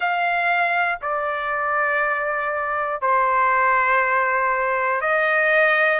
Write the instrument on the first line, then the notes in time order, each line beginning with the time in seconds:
trumpet
0.00 F5
1.01 D5
3.01 C5
5.01 D#5